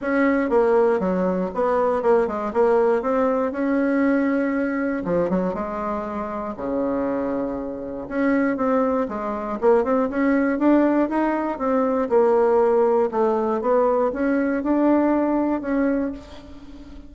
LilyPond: \new Staff \with { instrumentName = "bassoon" } { \time 4/4 \tempo 4 = 119 cis'4 ais4 fis4 b4 | ais8 gis8 ais4 c'4 cis'4~ | cis'2 f8 fis8 gis4~ | gis4 cis2. |
cis'4 c'4 gis4 ais8 c'8 | cis'4 d'4 dis'4 c'4 | ais2 a4 b4 | cis'4 d'2 cis'4 | }